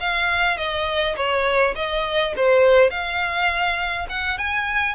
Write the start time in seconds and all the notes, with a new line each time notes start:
0.00 F5
0.57 D#5
1.17 C#5
1.76 D#5
2.36 C5
2.90 F5
4.09 F#5
4.38 G#5